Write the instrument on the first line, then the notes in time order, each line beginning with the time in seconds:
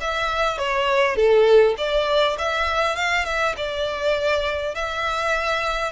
violin
0.00 E5
0.58 C#5
1.16 A4
1.77 D5
2.38 E5
2.96 F5
3.25 E5
3.57 D5
4.75 E5